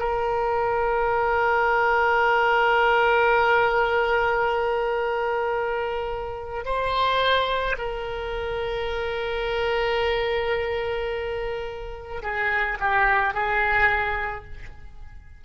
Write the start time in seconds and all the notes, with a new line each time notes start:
0.00 A#4
6.65 C5
7.78 A#4
12.23 G#4
12.80 G4
13.34 G#4